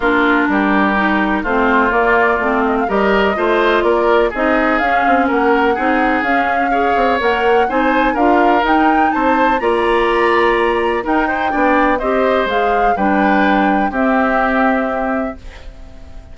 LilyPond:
<<
  \new Staff \with { instrumentName = "flute" } { \time 4/4 \tempo 4 = 125 ais'2. c''4 | d''4. dis''16 f''16 dis''2 | d''4 dis''4 f''4 fis''4~ | fis''4 f''2 fis''4 |
gis''4 f''4 g''4 a''4 | ais''2. g''4~ | g''4 dis''4 f''4 g''4~ | g''4 e''2. | }
  \new Staff \with { instrumentName = "oboe" } { \time 4/4 f'4 g'2 f'4~ | f'2 ais'4 c''4 | ais'4 gis'2 ais'4 | gis'2 cis''2 |
c''4 ais'2 c''4 | d''2. ais'8 c''8 | d''4 c''2 b'4~ | b'4 g'2. | }
  \new Staff \with { instrumentName = "clarinet" } { \time 4/4 d'2 dis'4 c'4 | ais4 c'4 g'4 f'4~ | f'4 dis'4 cis'2 | dis'4 cis'4 gis'4 ais'4 |
dis'4 f'4 dis'2 | f'2. dis'4 | d'4 g'4 gis'4 d'4~ | d'4 c'2. | }
  \new Staff \with { instrumentName = "bassoon" } { \time 4/4 ais4 g2 a4 | ais4 a4 g4 a4 | ais4 c'4 cis'8 c'8 ais4 | c'4 cis'4. c'8 ais4 |
c'4 d'4 dis'4 c'4 | ais2. dis'4 | b4 c'4 gis4 g4~ | g4 c'2. | }
>>